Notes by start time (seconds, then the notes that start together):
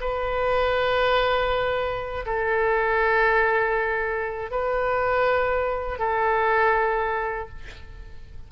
0.00 B4
2.25 A4
4.50 B4
5.98 A4